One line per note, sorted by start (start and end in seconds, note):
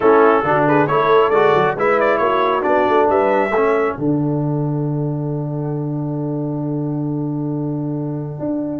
0.00 0.43 A3
0.00 0.44 C#4
0.00 0.44 E4
0.00 0.63 A4
0.43 0.87 D3
0.43 0.88 D4
0.43 0.67 F#4
0.67 0.89 G#4
0.67 0.87 B4
0.87 1.30 A3
0.87 1.32 E4
0.87 1.75 A4
0.87 1.30 C#5
1.30 1.52 G#3
1.30 1.77 F#4
1.30 1.74 D5
1.54 1.75 F#3
1.75 2.19 G#3
1.75 2.61 E4
1.75 2.20 B4
1.75 2.00 E5
2.00 2.17 D5
2.17 2.63 A#3
2.17 3.09 F#4
2.17 2.61 C#5
2.61 2.87 B3
2.61 3.50 D4
2.61 3.07 D5
2.88 3.09 A3
3.09 3.50 G3
3.09 3.51 B4
3.09 3.97 E5
3.50 3.95 A3
3.50 3.98 C#4
3.50 8.79 A4
3.97 8.39 D3
3.97 8.79 D4
3.97 8.79 F#5
8.39 8.79 D4